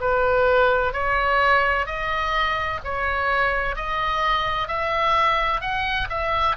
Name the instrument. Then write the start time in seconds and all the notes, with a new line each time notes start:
oboe
0.00 B4
0.93 C#5
1.86 D#5
2.84 C#5
3.75 D#5
4.67 E5
5.60 F#5
6.09 E5